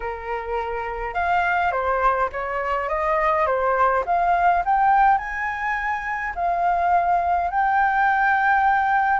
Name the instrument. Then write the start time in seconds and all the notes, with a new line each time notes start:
flute
0.00 A#4
1.14 F5
1.71 C5
2.32 C#5
2.88 D#5
3.46 C5
4.05 F5
4.65 G5
5.18 G#5
6.35 F5
7.50 G5